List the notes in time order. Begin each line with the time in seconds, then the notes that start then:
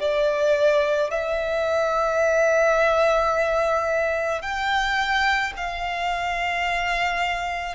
0.00 D5
1.11 E5
4.42 G5
5.57 F5